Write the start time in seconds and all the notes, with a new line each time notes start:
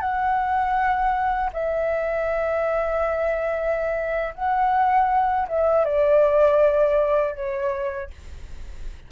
0.00 F#5
1.53 E5
4.35 F#5
5.48 E5
5.85 D5
7.35 C#5